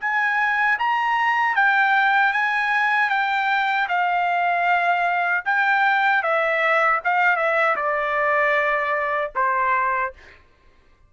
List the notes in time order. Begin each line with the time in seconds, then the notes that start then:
0.00 G#5
0.79 A#5
1.55 G5
2.32 G#5
3.09 G5
3.88 F5
5.45 G5
6.22 E5
7.04 F5
7.36 E5
7.76 D5
9.35 C5